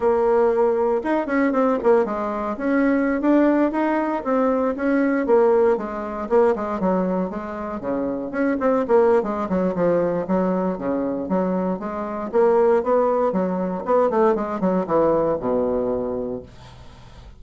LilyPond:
\new Staff \with { instrumentName = "bassoon" } { \time 4/4 \tempo 4 = 117 ais2 dis'8 cis'8 c'8 ais8 | gis4 cis'4~ cis'16 d'4 dis'8.~ | dis'16 c'4 cis'4 ais4 gis8.~ | gis16 ais8 gis8 fis4 gis4 cis8.~ |
cis16 cis'8 c'8 ais8. gis8 fis8 f4 | fis4 cis4 fis4 gis4 | ais4 b4 fis4 b8 a8 | gis8 fis8 e4 b,2 | }